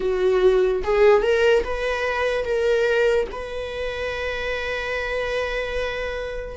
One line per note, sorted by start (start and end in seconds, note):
0.00 0.82 F#4
0.83 1.22 G#4
1.22 1.63 A#4
1.64 2.44 B4
2.44 3.27 A#4
3.31 6.56 B4